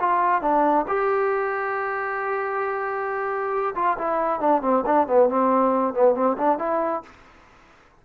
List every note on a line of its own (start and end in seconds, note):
0.00 0.42 F4
0.42 0.86 D4
0.88 3.74 G4
3.75 3.97 F4
3.98 4.40 E4
4.40 4.62 D4
4.62 4.84 C4
4.86 5.07 D4
5.07 5.29 B3
5.29 5.94 C4
5.94 6.15 B3
6.15 6.37 C4
6.37 6.58 D4
6.58 7.02 E4